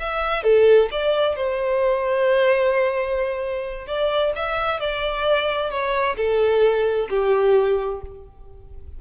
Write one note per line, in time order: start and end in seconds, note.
0.00 0.44 E5
0.44 0.90 A4
0.92 1.36 D5
1.36 3.87 C5
3.87 4.33 D5
4.36 4.80 E5
4.80 5.71 D5
5.71 6.17 C#5
6.17 7.09 A4
7.10 8.02 G4